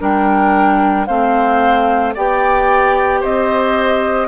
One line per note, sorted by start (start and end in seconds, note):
0.00 1.08 G3
0.00 1.07 D4
0.00 1.08 A#4
0.00 1.06 G5
1.06 2.16 A3
1.06 2.15 C4
1.06 2.15 C5
1.06 2.13 F5
2.15 3.23 B3
2.15 4.28 G4
2.15 3.21 D5
2.15 3.24 G5
3.21 4.28 C4
3.21 4.28 C5
3.21 4.28 D#5